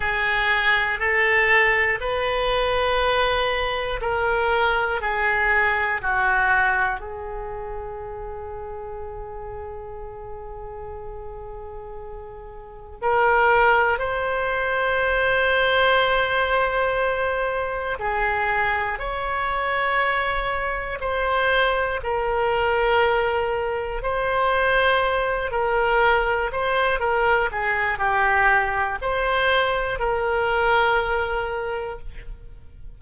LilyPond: \new Staff \with { instrumentName = "oboe" } { \time 4/4 \tempo 4 = 60 gis'4 a'4 b'2 | ais'4 gis'4 fis'4 gis'4~ | gis'1~ | gis'4 ais'4 c''2~ |
c''2 gis'4 cis''4~ | cis''4 c''4 ais'2 | c''4. ais'4 c''8 ais'8 gis'8 | g'4 c''4 ais'2 | }